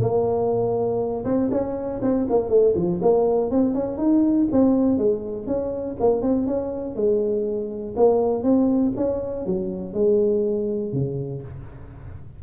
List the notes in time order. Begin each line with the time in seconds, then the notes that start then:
0.00 A#3
1.25 C4
1.51 C#4
2.02 C4
2.29 A#3
2.49 A3
2.75 F3
3.02 A#3
3.51 C4
3.74 C#4
3.97 D#4
4.52 C4
4.98 G#3
5.47 C#4
6.00 A#3
6.22 C4
6.47 C#4
6.95 G#3
7.96 A#3
8.43 C4
8.96 C#4
9.46 F#3
9.93 G#3
10.92 C#3